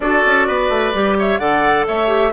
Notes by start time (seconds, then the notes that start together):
0.00 D4 F#4 A4 D5
0.25 C#4
0.47 B3 B4
0.69 A3
0.93 G3 G4
1.18 C#5 E5
1.38 D3 A4 D5 F#5
1.87 A3 C#5 E5
2.07 G4